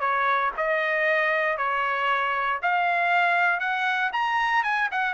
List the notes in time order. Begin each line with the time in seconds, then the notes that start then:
0.00 C#5
0.57 D#5
1.58 C#5
2.62 F5
3.60 F#5
4.13 A#5
4.64 G#5
4.92 F#5